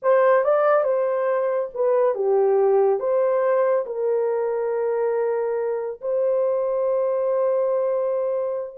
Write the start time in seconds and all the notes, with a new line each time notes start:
0.02 C5
0.43 D5
0.83 C5
1.74 B4
2.14 G4
2.99 C5
3.86 A#4
6.01 C5